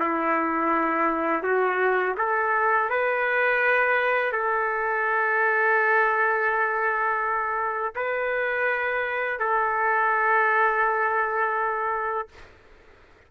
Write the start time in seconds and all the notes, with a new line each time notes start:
0.00 E4
1.43 F#4
2.18 A4
2.90 B4
4.32 A4
7.96 B4
9.40 A4